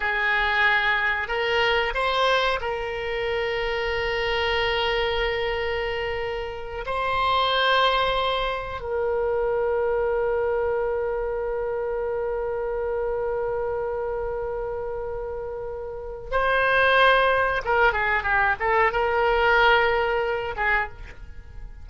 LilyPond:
\new Staff \with { instrumentName = "oboe" } { \time 4/4 \tempo 4 = 92 gis'2 ais'4 c''4 | ais'1~ | ais'2~ ais'8 c''4.~ | c''4. ais'2~ ais'8~ |
ais'1~ | ais'1~ | ais'4 c''2 ais'8 gis'8 | g'8 a'8 ais'2~ ais'8 gis'8 | }